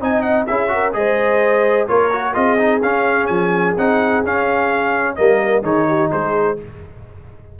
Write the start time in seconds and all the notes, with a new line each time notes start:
0.00 C4 D#4 D#5 G#5
0.21 F#5
0.46 C#4 E4 G#4 E5
0.68 F#4 A#4
0.93 G#3 G#4 C5 D#5
1.87 A#3 F4 A#4 C#5
2.12 F#4
2.33 C4 F4 G#4 D#5
2.57 D#4
2.82 C#4 F5
3.26 F3 G#5
3.77 C4 D#4 F#5
4.24 C#4 F5
5.15 G3 A#3 A#4 D#5
5.62 D#3 D#4 G#4 C#5
5.87 G4
6.10 G#3 G#4 C5